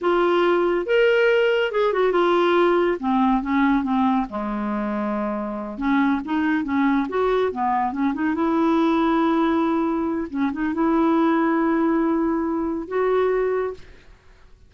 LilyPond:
\new Staff \with { instrumentName = "clarinet" } { \time 4/4 \tempo 4 = 140 f'2 ais'2 | gis'8 fis'8 f'2 c'4 | cis'4 c'4 gis2~ | gis4. cis'4 dis'4 cis'8~ |
cis'8 fis'4 b4 cis'8 dis'8 e'8~ | e'1 | cis'8 dis'8 e'2.~ | e'2 fis'2 | }